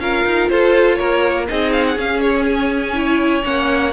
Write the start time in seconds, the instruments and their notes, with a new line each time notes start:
0.00 cello C#4, viola F4, violin A#4 F5
0.25 cello D#4
0.50 cello F4, violin A4 C5
0.96 cello A#3, violin A#4 C#5
1.48 cello C4, viola D#4, violin G#4 D#5
1.73 violin F5
1.87 violin F#5
1.97 cello C#4, viola C#4, violin F5
2.21 violin C#5
2.47 violin G#5
2.94 viola E4, violin C#5
3.44 cello A#3, viola C#4, violin F#5